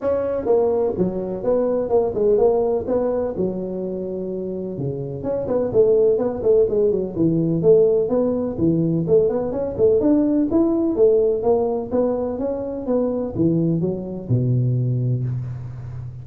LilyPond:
\new Staff \with { instrumentName = "tuba" } { \time 4/4 \tempo 4 = 126 cis'4 ais4 fis4 b4 | ais8 gis8 ais4 b4 fis4~ | fis2 cis4 cis'8 b8 | a4 b8 a8 gis8 fis8 e4 |
a4 b4 e4 a8 b8 | cis'8 a8 d'4 e'4 a4 | ais4 b4 cis'4 b4 | e4 fis4 b,2 | }